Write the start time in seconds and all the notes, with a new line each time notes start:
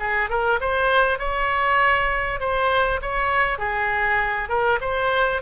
0.00 G#4
0.30 A#4
0.61 C5
1.19 C#5
2.40 C5
3.02 C#5
3.59 G#4
4.49 A#4
4.81 C5